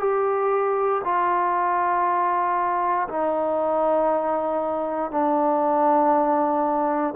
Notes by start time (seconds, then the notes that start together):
0.00 G4
1.04 F4
3.08 D#4
5.11 D4